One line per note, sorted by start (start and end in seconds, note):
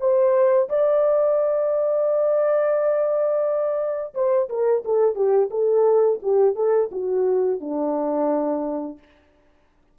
0.00 0.69 C5
0.70 4.14 D5
4.14 4.49 C5
4.49 4.84 A#4
4.85 5.15 A4
5.15 5.50 G4
5.51 6.20 A4
6.23 6.55 G4
6.55 6.90 A4
6.92 7.61 F#4
7.61 8.99 D4